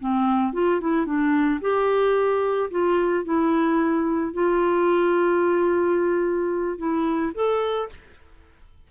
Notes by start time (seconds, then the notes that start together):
0.00 C4
0.53 F4
0.80 E4
1.05 D4
1.60 G4
2.70 F4
3.24 E4
4.33 F4
6.77 E4
7.34 A4